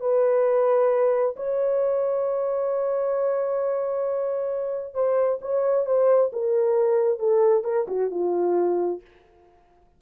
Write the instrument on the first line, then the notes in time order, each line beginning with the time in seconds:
horn
0.00 B4
1.36 C#5
4.94 C5
5.41 C#5
5.86 C5
6.32 A#4
7.19 A4
7.64 A#4
7.88 F#4
8.10 F4